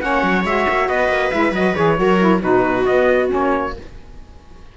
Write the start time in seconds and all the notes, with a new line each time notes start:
0.00 A#3 C#4 C#5 F#5
0.23 F#3
0.44 G#3 F#4 E5
0.69 A#3
0.88 B3 B4 D#5
1.08 A#3
1.31 G#3 E4 E5
1.52 F#3 F#4 D#5
1.75 E3 G#4 C#5
1.96 F#3 F#4 A#4
2.18 E4
2.41 B2 D#4 F#4 B4
2.85 B3 D#5
3.29 A#3 C#4 C#5